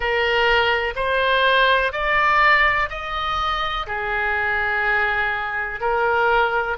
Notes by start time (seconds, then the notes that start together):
0.00 A#4
0.95 C5
1.92 D5
2.89 D#5
3.86 G#4
5.80 A#4